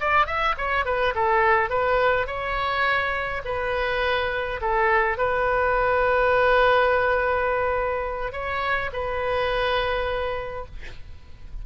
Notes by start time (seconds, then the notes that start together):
0.00 D5
0.26 E5
0.58 C#5
0.85 B4
1.15 A4
1.69 B4
2.27 C#5
3.45 B4
4.61 A4
5.17 B4
8.33 C#5
8.93 B4